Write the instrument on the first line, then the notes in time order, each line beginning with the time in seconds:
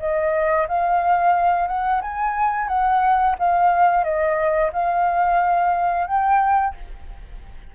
flute
0.00 D#5
0.68 F5
1.68 F#5
2.02 G#5
2.68 F#5
3.39 F5
4.04 D#5
4.73 F5
6.08 G5